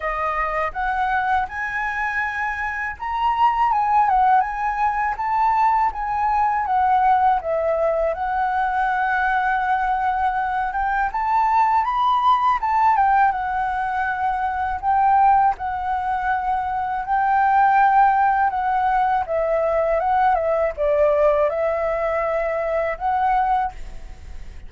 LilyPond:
\new Staff \with { instrumentName = "flute" } { \time 4/4 \tempo 4 = 81 dis''4 fis''4 gis''2 | ais''4 gis''8 fis''8 gis''4 a''4 | gis''4 fis''4 e''4 fis''4~ | fis''2~ fis''8 g''8 a''4 |
b''4 a''8 g''8 fis''2 | g''4 fis''2 g''4~ | g''4 fis''4 e''4 fis''8 e''8 | d''4 e''2 fis''4 | }